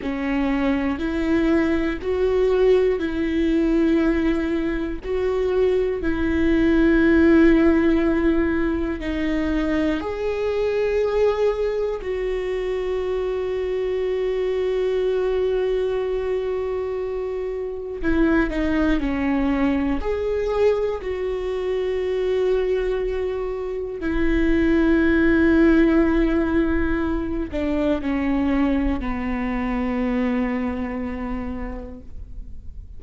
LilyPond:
\new Staff \with { instrumentName = "viola" } { \time 4/4 \tempo 4 = 60 cis'4 e'4 fis'4 e'4~ | e'4 fis'4 e'2~ | e'4 dis'4 gis'2 | fis'1~ |
fis'2 e'8 dis'8 cis'4 | gis'4 fis'2. | e'2.~ e'8 d'8 | cis'4 b2. | }